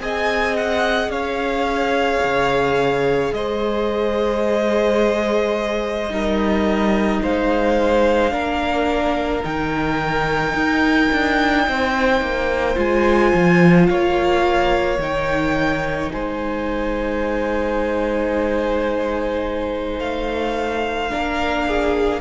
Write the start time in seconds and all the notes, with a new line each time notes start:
0.00 C4 G#4 D#5 G#5
0.57 F#5
1.09 C#4 C#5 F5
2.24 C#3
3.32 G#3 C5 D#5
6.10 G3 D#4 A#4
7.22 G#3 C5 F5
8.31 A#3 D4 A#4
9.44 D#3 D#4 G5
10.54 D#4
11.12 D4
11.69 C4 C5
12.21 A#3
12.75 G#3 F4 G#5
13.34 F3
13.87 A#3 C#5 F5
14.99 D#3 D#4 G5
16.12 G#3 C5 G#5
20.00 A3 F5
21.10 A#3 D4 A#4
21.68 G#4